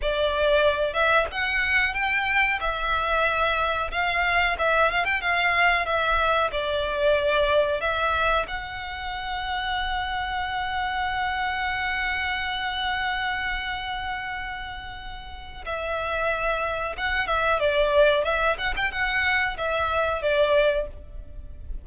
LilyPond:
\new Staff \with { instrumentName = "violin" } { \time 4/4 \tempo 4 = 92 d''4. e''8 fis''4 g''4 | e''2 f''4 e''8 f''16 g''16 | f''4 e''4 d''2 | e''4 fis''2.~ |
fis''1~ | fis''1 | e''2 fis''8 e''8 d''4 | e''8 fis''16 g''16 fis''4 e''4 d''4 | }